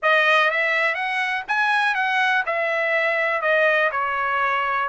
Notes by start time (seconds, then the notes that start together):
0.02 D#5
0.50 E5
0.94 F#5
1.48 G#5
1.94 F#5
2.45 E5
3.41 D#5
3.91 C#5